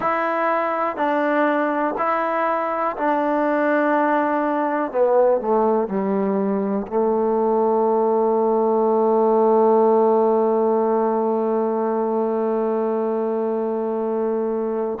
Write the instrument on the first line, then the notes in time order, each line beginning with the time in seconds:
trombone
0.00 E4
0.96 D4
1.98 E4
2.96 D4
4.91 B3
5.41 A3
5.87 G3
6.87 A3